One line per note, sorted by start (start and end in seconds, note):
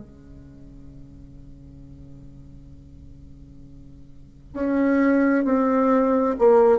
0.00 4.54 C#3
4.54 5.45 C#4
5.45 6.36 C4
6.38 6.79 A#3